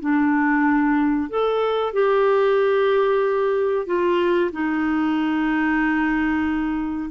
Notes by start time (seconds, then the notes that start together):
0.00 D4
1.29 A4
1.93 G4
3.86 F4
4.52 D#4